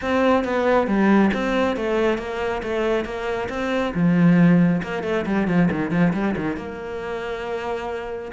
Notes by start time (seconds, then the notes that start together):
0.01 C4
0.44 B3
0.87 G3
1.33 C4
1.76 A3
2.18 A#3
2.62 A3
3.04 A#3
3.49 C4
3.94 F3
4.83 A#3
5.03 A3
5.26 G3
5.47 F3
5.71 D#3
5.90 F3
6.13 G3
6.36 D#3
6.56 A#3